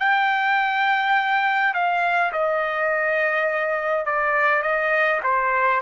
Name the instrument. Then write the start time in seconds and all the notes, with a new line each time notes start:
trumpet
0.00 G5
1.74 F5
2.32 D#5
4.06 D5
4.63 D#5
5.23 C5